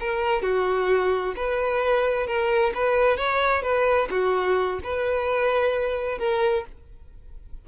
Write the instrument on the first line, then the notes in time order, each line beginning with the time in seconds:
violin
0.00 A#4
0.42 F#4
1.36 B4
2.27 A#4
2.74 B4
3.17 C#5
3.62 B4
4.10 F#4
4.84 B4
6.18 A#4